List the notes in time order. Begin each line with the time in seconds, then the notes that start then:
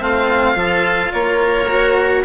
0.00 A3 C4 F4 F5
0.55 F3 F4 A4
1.13 A#3 A#4 C#5
1.69 F#4